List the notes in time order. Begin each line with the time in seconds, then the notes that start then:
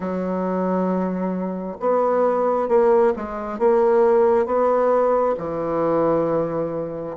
0.00 F#3
1.80 B3
2.68 A#3
3.15 G#3
3.58 A#3
4.45 B3
5.37 E3